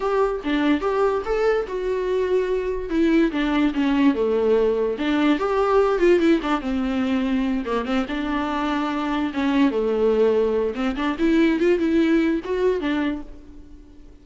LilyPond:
\new Staff \with { instrumentName = "viola" } { \time 4/4 \tempo 4 = 145 g'4 d'4 g'4 a'4 | fis'2. e'4 | d'4 cis'4 a2 | d'4 g'4. f'8 e'8 d'8 |
c'2~ c'8 ais8 c'8 d'8~ | d'2~ d'8 cis'4 a8~ | a2 c'8 d'8 e'4 | f'8 e'4. fis'4 d'4 | }